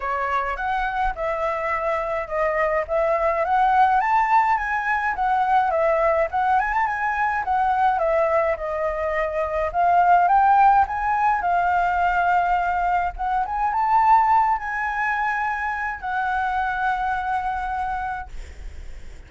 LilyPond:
\new Staff \with { instrumentName = "flute" } { \time 4/4 \tempo 4 = 105 cis''4 fis''4 e''2 | dis''4 e''4 fis''4 a''4 | gis''4 fis''4 e''4 fis''8 gis''16 a''16 | gis''4 fis''4 e''4 dis''4~ |
dis''4 f''4 g''4 gis''4 | f''2. fis''8 gis''8 | a''4. gis''2~ gis''8 | fis''1 | }